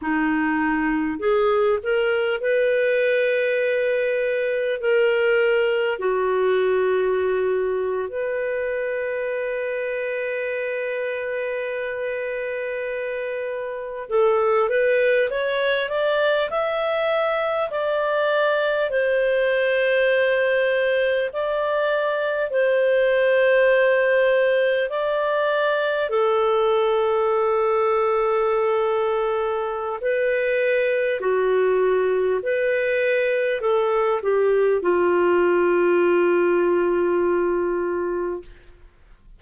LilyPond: \new Staff \with { instrumentName = "clarinet" } { \time 4/4 \tempo 4 = 50 dis'4 gis'8 ais'8 b'2 | ais'4 fis'4.~ fis'16 b'4~ b'16~ | b'2.~ b'8. a'16~ | a'16 b'8 cis''8 d''8 e''4 d''4 c''16~ |
c''4.~ c''16 d''4 c''4~ c''16~ | c''8. d''4 a'2~ a'16~ | a'4 b'4 fis'4 b'4 | a'8 g'8 f'2. | }